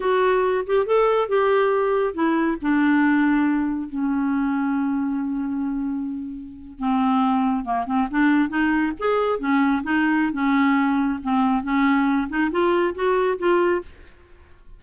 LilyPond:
\new Staff \with { instrumentName = "clarinet" } { \time 4/4 \tempo 4 = 139 fis'4. g'8 a'4 g'4~ | g'4 e'4 d'2~ | d'4 cis'2.~ | cis'2.~ cis'8. c'16~ |
c'4.~ c'16 ais8 c'8 d'4 dis'16~ | dis'8. gis'4 cis'4 dis'4~ dis'16 | cis'2 c'4 cis'4~ | cis'8 dis'8 f'4 fis'4 f'4 | }